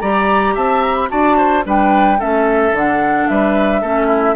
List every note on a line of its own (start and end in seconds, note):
0.00 0.56 G3
0.00 1.09 G4
0.00 0.54 D5
0.00 0.55 A#5
0.54 1.11 C4
0.54 1.09 E5
0.54 0.82 A5
0.82 0.95 A#5
0.95 1.08 B5
1.09 1.66 D4
1.09 1.63 F#4
1.09 1.37 D5
1.09 1.65 A5
1.37 1.64 C5
1.63 2.20 G3
1.63 2.17 D4
1.63 2.19 B4
1.63 2.21 G5
2.18 2.72 A3
2.18 2.73 C#4
2.18 3.28 A4
2.18 2.75 E5
2.72 3.26 D3
2.72 3.83 D4
2.72 3.28 F#5
3.28 3.82 G3
3.28 3.81 B4
3.28 4.35 E5
3.81 4.35 A3
3.81 4.35 C#4
3.81 4.07 A4
4.07 4.34 E4